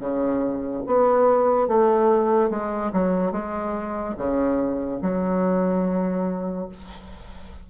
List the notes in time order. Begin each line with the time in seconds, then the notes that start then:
0.00 C#3
0.87 B3
1.68 A3
2.50 G#3
2.93 F#3
3.32 G#3
4.17 C#3
5.02 F#3